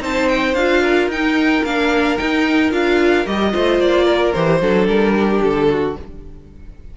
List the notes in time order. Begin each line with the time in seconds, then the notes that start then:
0.00 C4 D#4 C5 A5
0.28 G5
0.54 D4 F4 F5
0.82 A#4
1.08 D#4 G5
1.64 A#3 D4 F5
2.17 D#4 G5
2.71 D4 F4 F5
3.26 G3 G4 D#5
3.52 A3 F4 C5
3.79 A#3 D5
4.05 A#4
4.33 E3 G4 C5
4.61 F#3 D4 A4
4.87 G3 A#4
5.14 G4
5.42 D3 A4
5.70 F#4